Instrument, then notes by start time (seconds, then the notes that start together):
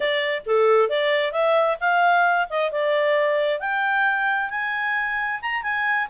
clarinet
0.00 D5
0.46 A4
0.89 D5
1.32 E5
1.80 F5
2.49 D#5
2.71 D5
3.60 G5
4.50 G#5
5.41 A#5
5.62 G#5